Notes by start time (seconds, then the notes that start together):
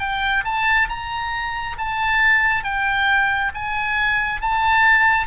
0.00 G5
0.45 A5
0.89 A#5
1.78 A5
2.64 G5
3.55 G#5
4.41 A5